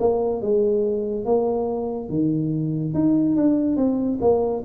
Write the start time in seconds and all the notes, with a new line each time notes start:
0.00 A#3
0.42 G#3
1.26 A#3
2.10 D#3
2.94 D#4
3.36 D4
3.77 C4
4.21 A#3